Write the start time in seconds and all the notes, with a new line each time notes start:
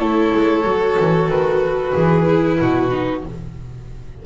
0.00 A3 E4 A4 C#5
0.35 G#3
0.65 F#3 F#4
1.00 E3
1.29 D#3 B4
1.94 E3 G#4
2.25 E4
2.60 B2 F#4
2.92 D#4